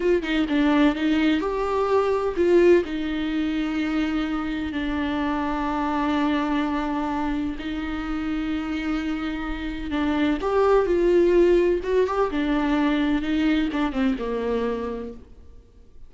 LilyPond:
\new Staff \with { instrumentName = "viola" } { \time 4/4 \tempo 4 = 127 f'8 dis'8 d'4 dis'4 g'4~ | g'4 f'4 dis'2~ | dis'2 d'2~ | d'1 |
dis'1~ | dis'4 d'4 g'4 f'4~ | f'4 fis'8 g'8 d'2 | dis'4 d'8 c'8 ais2 | }